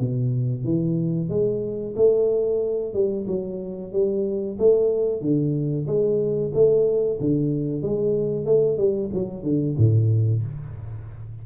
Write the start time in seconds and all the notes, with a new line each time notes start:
0.00 B2
0.65 E3
1.30 G#3
1.97 A3
2.94 G3
3.28 F#3
3.93 G3
4.59 A3
5.22 D3
5.87 G#3
6.54 A3
7.21 D3
7.83 G#3
8.46 A3
8.78 G3
9.14 F#3
9.44 D3
9.78 A2